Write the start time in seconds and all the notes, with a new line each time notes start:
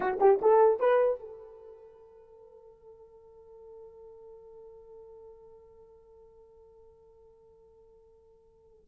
0.00 F#4
0.20 G4
0.41 A4
0.79 B4
1.19 A4